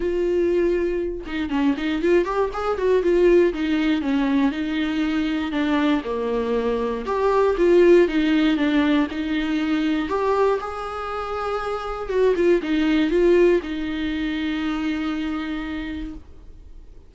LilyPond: \new Staff \with { instrumentName = "viola" } { \time 4/4 \tempo 4 = 119 f'2~ f'8 dis'8 cis'8 dis'8 | f'8 g'8 gis'8 fis'8 f'4 dis'4 | cis'4 dis'2 d'4 | ais2 g'4 f'4 |
dis'4 d'4 dis'2 | g'4 gis'2. | fis'8 f'8 dis'4 f'4 dis'4~ | dis'1 | }